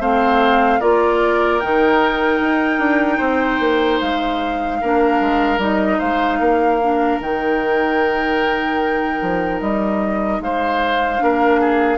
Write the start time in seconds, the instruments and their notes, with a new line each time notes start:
0.00 bassoon A3, clarinet C4, oboe C5, flute F5
0.80 bassoon A#3, clarinet F4, oboe A#4, flute D5
1.60 bassoon D#3, clarinet D#4, flute G5
2.41 bassoon D#4
2.79 bassoon D4
3.18 bassoon C4, oboe C5
3.60 bassoon A#3
4.00 bassoon G#3, flute F5
4.81 bassoon A#3, clarinet D4, oboe A#4
5.20 bassoon G#3
5.58 bassoon G3, clarinet D#4, flute D#5
5.99 bassoon G#3, oboe C5, flute F5
6.40 bassoon A#3, oboe A#4
6.82 clarinet D4
7.20 bassoon D#3, clarinet D#4, flute G5
9.22 bassoon F3
9.61 bassoon G3, flute D#5
10.40 bassoon G#3, oboe C5, flute F5
11.19 bassoon A#3, clarinet D4, oboe A#4
11.60 oboe G#4